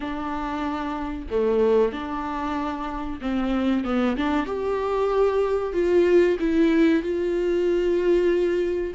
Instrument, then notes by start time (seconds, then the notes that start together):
viola
0.00 D4
1.30 A3
1.92 D4
3.21 C4
3.84 B3
4.16 D4
4.46 G4
5.73 F4
6.39 E4
7.02 F4